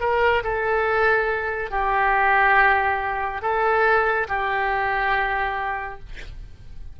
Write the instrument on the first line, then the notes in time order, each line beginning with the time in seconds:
oboe
0.00 A#4
0.43 A4
1.70 G4
3.42 A4
4.28 G4